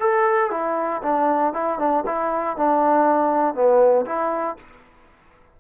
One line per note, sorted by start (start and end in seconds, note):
0.00 0.51 A4
0.51 1.02 E4
1.03 1.53 D4
1.53 1.79 E4
1.79 2.04 D4
2.06 2.57 E4
2.57 3.55 D4
3.55 4.06 B3
4.06 4.57 E4